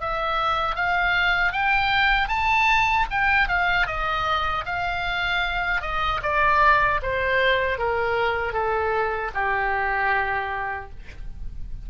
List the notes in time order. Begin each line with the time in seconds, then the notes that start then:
0.00 E5
0.75 F5
1.52 G5
2.28 A5
3.11 G5
3.48 F5
3.87 D#5
4.65 F5
5.82 D#5
6.22 D5
7.02 C5
7.78 A#4
8.53 A4
9.34 G4